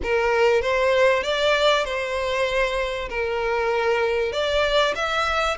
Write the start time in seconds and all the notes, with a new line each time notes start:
0.02 A#4
0.61 C5
1.23 D5
1.84 C5
3.09 A#4
4.32 D5
4.95 E5